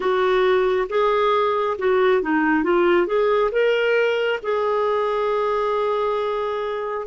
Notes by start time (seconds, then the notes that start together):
0.00 F#4
0.89 G#4
1.78 F#4
2.21 D#4
2.63 F4
3.06 G#4
3.51 A#4
4.42 G#4